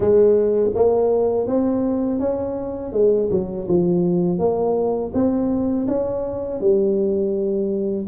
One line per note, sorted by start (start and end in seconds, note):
0.00 0.70 G#3
0.75 1.47 A#3
1.47 2.19 C4
2.19 2.92 C#4
2.92 3.29 G#3
3.30 3.67 F#3
3.68 4.39 F3
4.39 5.12 A#3
5.14 5.87 C4
5.87 6.60 C#4
6.60 8.06 G3